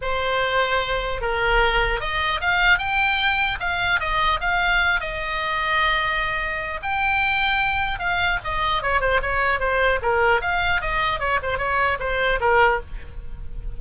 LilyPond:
\new Staff \with { instrumentName = "oboe" } { \time 4/4 \tempo 4 = 150 c''2. ais'4~ | ais'4 dis''4 f''4 g''4~ | g''4 f''4 dis''4 f''4~ | f''8 dis''2.~ dis''8~ |
dis''4 g''2. | f''4 dis''4 cis''8 c''8 cis''4 | c''4 ais'4 f''4 dis''4 | cis''8 c''8 cis''4 c''4 ais'4 | }